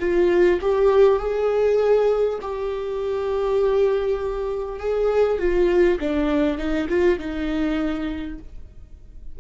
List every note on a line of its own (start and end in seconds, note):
0.00 0.60 F4
0.62 1.19 G4
1.19 2.39 G#4
2.42 4.79 G4
4.79 5.39 G#4
5.39 5.99 F4
6.00 6.58 D4
6.58 6.88 D#4
6.89 7.19 F4
7.19 8.39 D#4